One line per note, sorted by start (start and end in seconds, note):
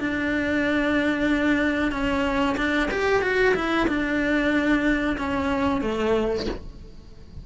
0.00 1.92 D4
1.92 2.57 C#4
2.57 2.90 D4
2.91 3.23 G4
3.23 3.55 F#4
3.55 3.88 E4
3.88 5.17 D4
5.18 5.82 C#4
5.82 6.46 A3